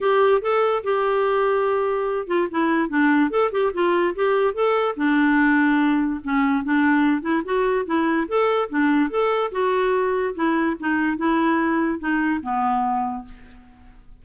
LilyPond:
\new Staff \with { instrumentName = "clarinet" } { \time 4/4 \tempo 4 = 145 g'4 a'4 g'2~ | g'4. f'8 e'4 d'4 | a'8 g'8 f'4 g'4 a'4 | d'2. cis'4 |
d'4. e'8 fis'4 e'4 | a'4 d'4 a'4 fis'4~ | fis'4 e'4 dis'4 e'4~ | e'4 dis'4 b2 | }